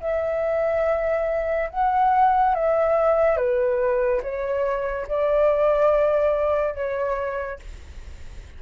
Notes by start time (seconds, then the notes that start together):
0.00 E5
1.70 F#5
2.54 E5
3.36 B4
4.22 C#5
5.07 D5
6.75 C#5